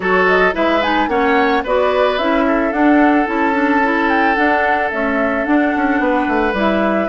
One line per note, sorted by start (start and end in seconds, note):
0.00 0.53 F#3
0.00 0.52 F#4
0.00 0.54 A4
0.00 0.27 C#5
0.27 0.54 D#5
0.52 1.07 G#3
0.52 0.80 E4
0.52 1.09 B4
0.52 0.82 E5
0.82 1.09 D#4
0.82 1.09 G#5
1.07 1.62 A#3
1.07 1.64 C#4
1.07 1.63 C#5
1.07 1.63 F#5
1.63 2.18 B3
1.63 2.19 F#4
1.63 2.45 B4
1.63 2.18 D5
2.18 2.72 C#4
2.18 2.72 E4
2.18 2.72 E5
2.46 6.01 A4
2.72 3.26 D4
2.72 3.27 F#5
3.26 4.36 C#4
3.26 3.53 E4
3.26 4.09 A5
3.53 3.80 D4
3.83 4.36 E4
4.09 4.35 G5
4.35 4.90 D4
4.35 4.92 D4
4.35 4.89 F#5
4.90 5.44 A3
4.90 5.47 C#4
4.90 5.45 E5
5.44 6.53 D4
5.44 5.74 D4
5.44 6.54 F#5
5.75 5.99 C#4
5.99 6.26 B3
5.99 7.09 B4
6.27 6.53 A3
6.53 7.07 G3
6.53 7.09 E4
6.59 7.09 E5